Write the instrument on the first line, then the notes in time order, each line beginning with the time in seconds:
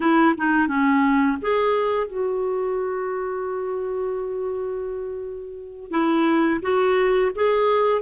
clarinet
0.00 E4
0.37 D#4
0.67 C#4
1.41 G#4
2.07 F#4
5.90 E4
6.62 F#4
7.35 G#4